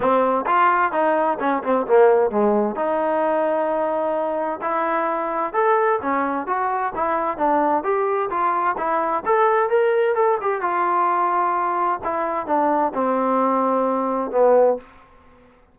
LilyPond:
\new Staff \with { instrumentName = "trombone" } { \time 4/4 \tempo 4 = 130 c'4 f'4 dis'4 cis'8 c'8 | ais4 gis4 dis'2~ | dis'2 e'2 | a'4 cis'4 fis'4 e'4 |
d'4 g'4 f'4 e'4 | a'4 ais'4 a'8 g'8 f'4~ | f'2 e'4 d'4 | c'2. b4 | }